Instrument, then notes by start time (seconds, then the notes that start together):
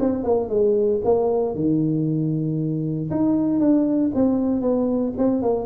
tuba
0.00 C4
0.24 A#3
0.50 G#3
1.05 A#3
1.55 D#3
3.11 D#4
3.60 D4
4.15 C4
4.62 B3
5.18 C4
5.43 A#3